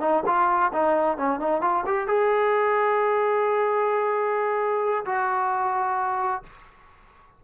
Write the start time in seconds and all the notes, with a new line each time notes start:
0.00 D#4
0.26 F4
0.72 D#4
1.17 C#4
1.39 D#4
1.61 F4
1.86 G4
2.07 G#4
5.05 F#4